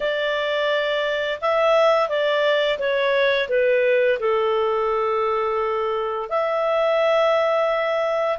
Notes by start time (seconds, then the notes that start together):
0.00 D5
1.41 E5
2.08 D5
2.78 C#5
3.49 B4
4.19 A4
6.29 E5